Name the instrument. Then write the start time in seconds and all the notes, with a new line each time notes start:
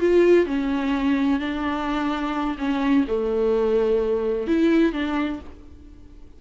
viola
0.00 F4
0.46 C#4
1.40 D4
2.58 C#4
3.07 A3
4.47 E4
4.92 D4